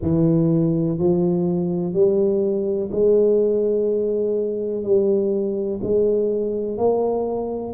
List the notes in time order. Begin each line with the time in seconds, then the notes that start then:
0.01 E3
0.98 F3
1.93 G3
2.91 G#3
4.83 G3
5.83 G#3
6.77 A#3